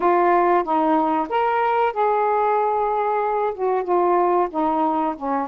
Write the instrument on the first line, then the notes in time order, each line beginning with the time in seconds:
saxophone
0.00 F4
0.63 D#4
1.29 A#4
1.92 G#4
3.54 F#4
3.83 F4
4.50 D#4
5.16 C#4